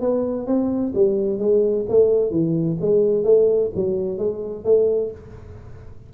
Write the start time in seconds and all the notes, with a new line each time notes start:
0.00 B3
0.46 C4
0.94 G3
1.39 G#3
1.88 A3
2.30 E3
2.81 G#3
3.24 A3
3.75 F#3
4.18 G#3
4.64 A3